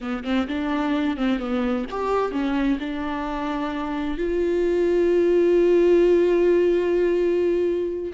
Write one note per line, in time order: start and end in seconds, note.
0.01 0.23 B3
0.23 0.47 C4
0.47 1.16 D4
1.16 1.39 C4
1.39 1.85 B3
1.90 2.31 G4
2.31 2.78 C#4
2.79 4.17 D4
4.17 8.12 F4